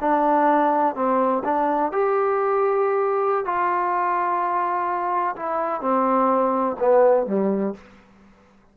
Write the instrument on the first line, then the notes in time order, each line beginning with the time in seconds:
trombone
0.00 D4
0.95 C4
1.44 D4
1.92 G4
3.45 F4
5.36 E4
5.81 C4
6.79 B3
7.26 G3